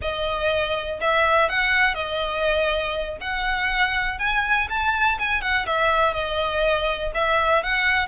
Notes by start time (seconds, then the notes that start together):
0.01 D#5
1.00 E5
1.49 F#5
1.94 D#5
3.20 F#5
4.18 G#5
4.69 A5
5.18 G#5
5.41 F#5
5.66 E5
6.13 D#5
7.14 E5
7.63 F#5